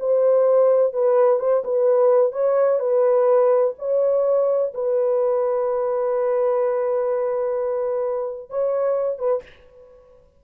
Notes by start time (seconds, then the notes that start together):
0.00 C5
0.93 B4
1.40 C5
1.65 B4
2.33 C#5
2.80 B4
3.79 C#5
4.75 B4
8.50 C#5
9.19 B4